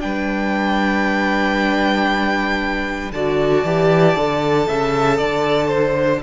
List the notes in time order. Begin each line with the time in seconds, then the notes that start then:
0.00 G3 D4 B4 G5
3.12 D3 F#4 D5 A5
3.64 E3 G4
4.16 D3 A4
4.68 C#3 E5
5.18 D3 D5
5.68 C5